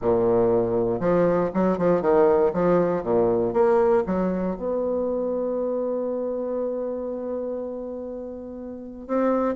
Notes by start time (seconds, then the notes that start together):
0.01 A#2
0.99 F3
1.54 F#3
1.78 F3
2.01 D#3
2.53 F3
3.03 A#2
3.53 A#3
4.06 F#3
4.56 B3
9.07 C4